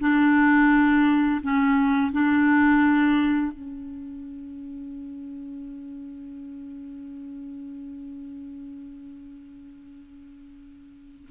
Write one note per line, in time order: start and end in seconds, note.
0.00 1.41 D4
1.42 2.12 C#4
2.12 3.52 D4
3.52 11.29 C#4